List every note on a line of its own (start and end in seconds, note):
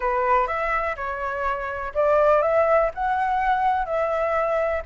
0.00 0.47 B4
0.47 0.95 E5
0.96 1.92 C#5
1.94 2.41 D5
2.41 2.90 E5
2.94 3.85 F#5
3.85 4.82 E5